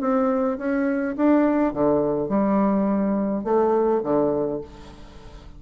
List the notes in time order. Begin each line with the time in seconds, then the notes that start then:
0.00 C4
0.58 C#4
1.16 D4
1.73 D3
2.28 G3
3.44 A3
4.03 D3